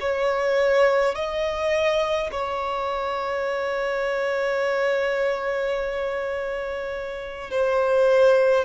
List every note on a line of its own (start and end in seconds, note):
0.00 1.15 C#5
1.15 2.30 D#5
2.31 7.51 C#5
7.51 8.65 C5